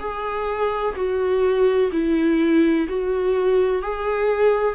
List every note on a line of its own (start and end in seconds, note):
0.00 0.95 G#4
0.96 1.91 F#4
1.92 2.87 E4
2.89 3.82 F#4
3.82 4.75 G#4